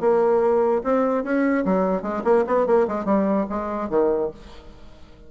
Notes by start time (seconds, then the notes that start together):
0.00 A#3
0.84 C4
1.24 C#4
1.65 F#3
2.02 G#3
2.24 A#3
2.47 B3
2.66 A#3
2.88 G#3
3.05 G3
3.49 G#3
3.89 D#3